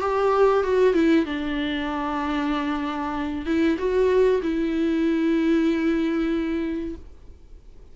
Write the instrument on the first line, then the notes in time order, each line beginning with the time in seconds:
viola
0.00 G4
0.63 F#4
0.94 E4
1.25 D4
3.46 E4
3.78 F#4
4.42 E4